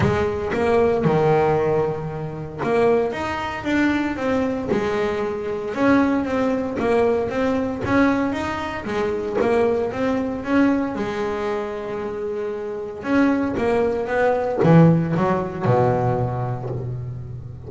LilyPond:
\new Staff \with { instrumentName = "double bass" } { \time 4/4 \tempo 4 = 115 gis4 ais4 dis2~ | dis4 ais4 dis'4 d'4 | c'4 gis2 cis'4 | c'4 ais4 c'4 cis'4 |
dis'4 gis4 ais4 c'4 | cis'4 gis2.~ | gis4 cis'4 ais4 b4 | e4 fis4 b,2 | }